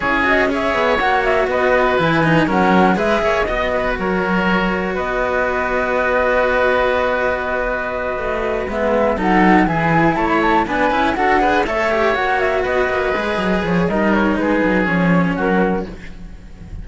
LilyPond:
<<
  \new Staff \with { instrumentName = "flute" } { \time 4/4 \tempo 4 = 121 cis''8 dis''8 e''4 fis''8 e''8 dis''4 | gis''4 fis''4 e''4 dis''4 | cis''2 dis''2~ | dis''1~ |
dis''4. e''4 fis''4 gis''8~ | gis''8 a''16 b''16 a''8 gis''4 fis''4 e''8~ | e''8 fis''8 e''8 dis''2 cis''8 | dis''8 cis''8 b'4 cis''4 ais'4 | }
  \new Staff \with { instrumentName = "oboe" } { \time 4/4 gis'4 cis''2 b'4~ | b'4 ais'4 b'8 cis''8 dis''8 b'8 | ais'2 b'2~ | b'1~ |
b'2~ b'8 a'4 gis'8~ | gis'8 cis''4 b'4 a'8 b'8 cis''8~ | cis''4. b'2~ b'8 | ais'4 gis'2 fis'4 | }
  \new Staff \with { instrumentName = "cello" } { \time 4/4 e'8 fis'8 gis'4 fis'2 | e'8 dis'8 cis'4 gis'4 fis'4~ | fis'1~ | fis'1~ |
fis'4. b4 dis'4 e'8~ | e'4. d'8 e'8 fis'8 gis'8 a'8 | g'8 fis'2 gis'4. | dis'2 cis'2 | }
  \new Staff \with { instrumentName = "cello" } { \time 4/4 cis'4. b8 ais4 b4 | e4 fis4 gis8 ais8 b4 | fis2 b2~ | b1~ |
b8 a4 gis4 fis4 e8~ | e8 a4 b8 cis'8 d'4 a8~ | a8 ais4 b8 ais8 gis8 fis8 f8 | g4 gis8 fis8 f4 fis4 | }
>>